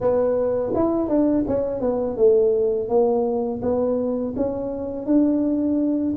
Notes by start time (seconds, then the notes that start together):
0.00 B3
0.74 E4
1.08 D4
1.47 C#4
1.80 B3
2.17 A3
2.88 A#3
3.61 B3
4.36 C#4
5.06 D4